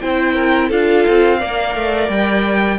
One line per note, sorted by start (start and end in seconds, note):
0.00 0.71 C4
0.00 0.71 E4
0.00 0.34 C5
0.00 0.70 G5
0.34 0.68 A#4
0.68 1.06 D4
0.68 1.39 F4
0.68 1.38 A4
0.68 2.10 F5
1.08 1.42 C4
1.38 1.75 A#3
1.38 2.78 A#4
1.38 2.78 D5
1.75 2.08 A3
2.08 2.78 G3
2.08 2.78 G5